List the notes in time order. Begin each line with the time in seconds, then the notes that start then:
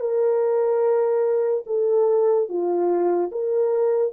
0.00 A#4
1.66 A4
2.48 F4
3.32 A#4